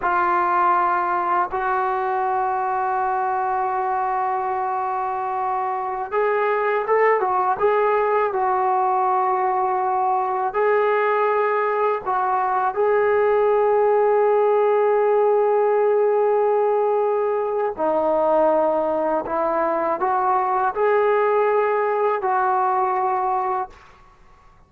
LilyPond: \new Staff \with { instrumentName = "trombone" } { \time 4/4 \tempo 4 = 81 f'2 fis'2~ | fis'1~ | fis'16 gis'4 a'8 fis'8 gis'4 fis'8.~ | fis'2~ fis'16 gis'4.~ gis'16~ |
gis'16 fis'4 gis'2~ gis'8.~ | gis'1 | dis'2 e'4 fis'4 | gis'2 fis'2 | }